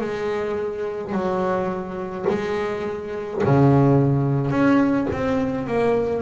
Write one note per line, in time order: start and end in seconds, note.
0.00 1.12 G#3
1.12 2.25 F#3
2.29 3.42 G#3
3.44 4.50 C#3
4.50 5.07 C#4
5.12 5.67 C4
5.67 6.21 A#3